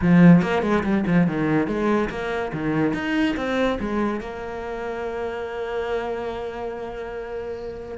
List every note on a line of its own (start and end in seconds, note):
0.01 0.42 F3
0.42 0.62 A#3
0.62 0.83 G#3
0.83 1.04 G3
1.06 1.27 F3
1.27 1.67 D#3
1.67 2.09 G#3
2.09 2.51 A#3
2.52 2.93 D#3
2.93 3.35 D#4
3.36 3.78 C4
3.80 4.20 G#3
4.20 7.97 A#3